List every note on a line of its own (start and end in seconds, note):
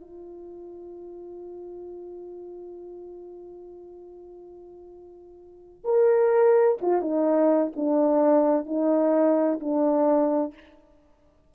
0.00 5.84 F4
5.84 6.78 A#4
6.81 7.01 F4
7.01 7.72 D#4
7.76 8.66 D4
8.66 9.60 D#4
9.60 10.53 D4